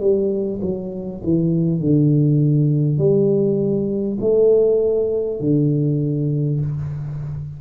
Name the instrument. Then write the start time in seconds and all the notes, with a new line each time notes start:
tuba
0.00 G3
0.61 F#3
1.23 E3
1.80 D3
2.97 G3
4.20 A3
5.40 D3